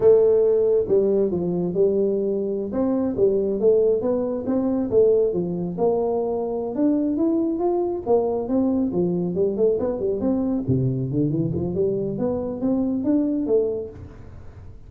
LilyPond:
\new Staff \with { instrumentName = "tuba" } { \time 4/4 \tempo 4 = 138 a2 g4 f4 | g2~ g16 c'4 g8.~ | g16 a4 b4 c'4 a8.~ | a16 f4 ais2~ ais16 d'8~ |
d'8 e'4 f'4 ais4 c'8~ | c'8 f4 g8 a8 b8 g8 c'8~ | c'8 c4 d8 e8 f8 g4 | b4 c'4 d'4 a4 | }